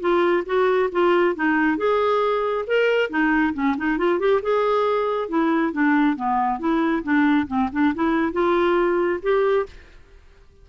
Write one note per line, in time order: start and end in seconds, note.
0.00 0.44 F4
0.46 0.90 F#4
0.92 1.35 F4
1.35 1.77 D#4
1.77 2.65 G#4
2.67 3.10 A#4
3.10 3.53 D#4
3.54 3.75 C#4
3.77 3.98 D#4
3.98 4.19 F4
4.19 4.41 G4
4.42 5.29 G#4
5.29 5.72 E4
5.72 6.16 D4
6.16 6.59 B3
6.59 7.03 E4
7.03 7.47 D4
7.47 7.69 C4
7.72 7.94 D4
7.94 8.32 E4
8.32 9.20 F4
9.22 9.66 G4